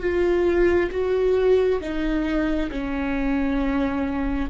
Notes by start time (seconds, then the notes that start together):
0.00 F4
0.91 F#4
1.81 D#4
2.71 C#4